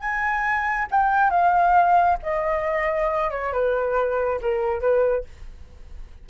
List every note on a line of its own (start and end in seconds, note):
0.00 0.88 G#5
0.91 1.30 G5
1.30 2.18 F5
2.23 3.31 D#5
3.31 3.53 C#5
3.53 4.40 B4
4.42 4.81 A#4
4.81 5.25 B4